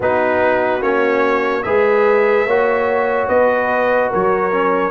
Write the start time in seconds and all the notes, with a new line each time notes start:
0.00 B3 D#4 F#4 B4
0.81 A#3 C#4 C#5
1.62 G#3 G#4 B4 E5
2.46 A#3 F#4 C#5
3.28 B3 B4 D#5
4.10 F#3 A#4 C#5
4.52 C#4